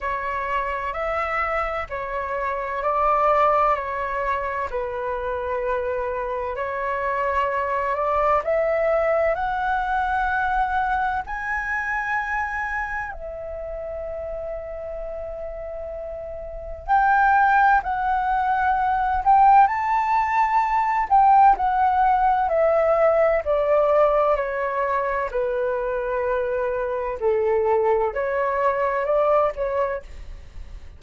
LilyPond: \new Staff \with { instrumentName = "flute" } { \time 4/4 \tempo 4 = 64 cis''4 e''4 cis''4 d''4 | cis''4 b'2 cis''4~ | cis''8 d''8 e''4 fis''2 | gis''2 e''2~ |
e''2 g''4 fis''4~ | fis''8 g''8 a''4. g''8 fis''4 | e''4 d''4 cis''4 b'4~ | b'4 a'4 cis''4 d''8 cis''8 | }